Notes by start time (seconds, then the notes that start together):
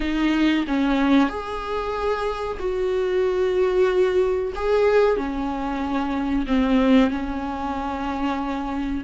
0.00 D#4
0.67 C#4
1.29 G#4
2.59 F#4
4.55 G#4
5.16 C#4
6.47 C4
7.10 C#4